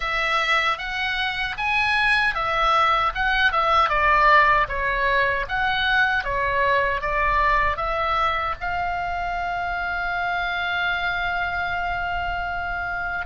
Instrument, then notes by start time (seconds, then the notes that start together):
oboe
0.00 E5
0.78 F#5
1.57 G#5
2.34 E5
3.15 F#5
3.52 E5
3.89 D5
4.68 C#5
5.48 F#5
6.23 C#5
7.01 D5
7.76 E5
8.60 F5